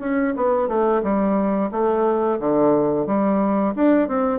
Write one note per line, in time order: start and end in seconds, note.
0.00 0.34 C#4
0.36 0.68 B3
0.68 1.02 A3
1.03 1.70 G3
1.72 2.39 A3
2.39 3.07 D3
3.07 3.74 G3
3.76 4.08 D4
4.08 4.39 C4